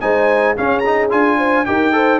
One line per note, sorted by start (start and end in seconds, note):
0.00 0.57 G#3
0.00 0.56 D#4
0.00 0.56 C5
0.00 0.55 G#5
0.57 0.84 C#4
0.57 1.12 C#4
0.57 1.38 G#4
0.57 0.79 F5
0.79 1.06 A#5
0.85 1.10 D#4
1.10 1.67 D4
1.10 1.65 F4
1.10 1.65 G#5
1.38 1.65 C5
1.65 2.19 D#4
1.65 1.92 G4
1.65 1.94 A#4
1.65 2.19 G5
1.92 2.19 A4
1.92 2.19 C5